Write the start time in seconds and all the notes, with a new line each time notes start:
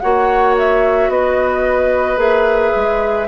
0.00 A#3 F#4 C#5 F#5
0.58 E5
1.09 B3 B4 D#5
2.17 A#3 G#4 E5
2.76 G#3